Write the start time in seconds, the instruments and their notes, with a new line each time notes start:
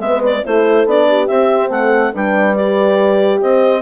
0.00 bassoon G#3, horn B3 B4, clarinet E5
0.25 clarinet D5
0.45 bassoon A3, horn E4 A4, clarinet C5
0.86 bassoon B3, horn D4, clarinet D5
1.08 horn G4
1.27 bassoon C4, horn C4, clarinet E5
1.70 bassoon A3, horn A4, clarinet F#5
2.14 bassoon G3, horn D4 B4, clarinet G5
2.56 horn G4, clarinet D5
3.41 bassoon C4, horn C5, clarinet D#5